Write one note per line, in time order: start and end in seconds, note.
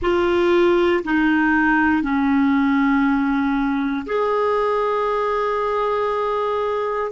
0.02 1.04 F4
1.04 2.02 D#4
2.02 4.05 C#4
4.06 7.11 G#4